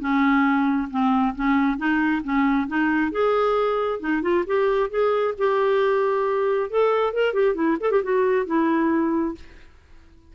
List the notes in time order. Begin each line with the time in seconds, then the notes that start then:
0.00 C#4
0.90 C4
1.35 C#4
1.78 D#4
2.23 C#4
2.67 D#4
3.12 G#4
4.00 D#4
4.22 F4
4.46 G4
4.90 G#4
5.38 G4
6.70 A4
7.13 A#4
7.34 G4
7.55 E4
7.80 A4
7.91 G4
8.03 F#4
8.46 E4